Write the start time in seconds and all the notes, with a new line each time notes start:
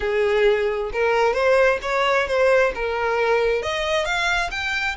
0.00 G#4
0.92 A#4
1.33 C5
1.82 C#5
2.27 C5
2.74 A#4
3.62 D#5
4.05 F5
4.51 G5